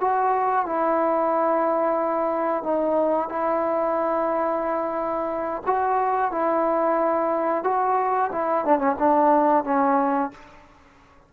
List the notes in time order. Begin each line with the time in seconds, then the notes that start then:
0.00 F#4
0.66 E4
2.63 D#4
3.29 E4
5.66 F#4
6.31 E4
7.64 F#4
8.32 E4
8.65 D4
8.79 C#4
8.99 D4
9.64 C#4